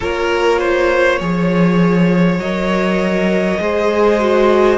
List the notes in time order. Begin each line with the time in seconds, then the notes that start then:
0.00 A#3 F4 A#4 C#5
0.58 C5
1.20 F3 G#4 C#5
2.38 F#3 A#4 D#5
3.59 G#3 G#4 C5
4.20 F#4